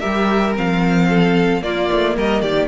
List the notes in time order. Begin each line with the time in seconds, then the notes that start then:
0.00 G3 G4 A#4 E5
0.56 F3 C4 F5
1.09 A4
1.62 A#3 F4 D5
1.93 A3
2.16 G3 A#4 D#5
2.42 D#3 G4 D5